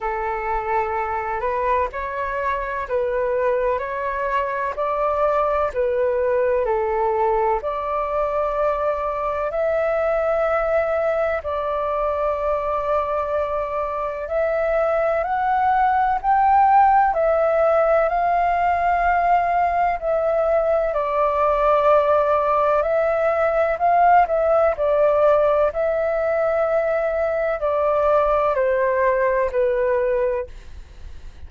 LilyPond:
\new Staff \with { instrumentName = "flute" } { \time 4/4 \tempo 4 = 63 a'4. b'8 cis''4 b'4 | cis''4 d''4 b'4 a'4 | d''2 e''2 | d''2. e''4 |
fis''4 g''4 e''4 f''4~ | f''4 e''4 d''2 | e''4 f''8 e''8 d''4 e''4~ | e''4 d''4 c''4 b'4 | }